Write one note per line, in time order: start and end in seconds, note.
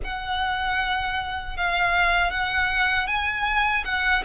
0.03 1.56 F#5
1.56 2.30 F5
2.30 3.07 F#5
3.07 3.84 G#5
3.85 4.23 F#5